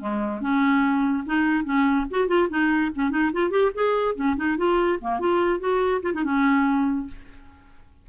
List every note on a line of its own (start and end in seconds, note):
0.00 0.41 G#3
0.41 1.24 C#4
1.26 1.65 D#4
1.65 2.06 C#4
2.11 2.28 F#4
2.28 2.49 F4
2.50 2.91 D#4
2.95 3.10 C#4
3.10 3.31 D#4
3.33 3.51 F4
3.51 3.71 G4
3.74 4.15 G#4
4.15 4.36 C#4
4.36 4.57 D#4
4.58 4.99 F4
5.01 5.20 A#3
5.20 5.60 F4
5.60 6.01 F#4
6.03 6.13 F4
6.14 6.24 D#4
6.24 7.08 C#4